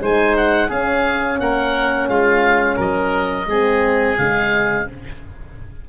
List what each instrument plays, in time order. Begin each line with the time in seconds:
0.00 tuba G#3, horn D#4, oboe C5 G#5
0.36 oboe F#5
0.68 horn C#4, tuba C#4, oboe G#4 F5
1.39 tuba A#3, oboe A#4 F#5
2.08 tuba G#3, oboe F4 F5
2.76 tuba F#3, oboe A#4 D#5
3.46 tuba G#3, horn C4, oboe G#4
4.17 tuba C#3, horn G#3, oboe F5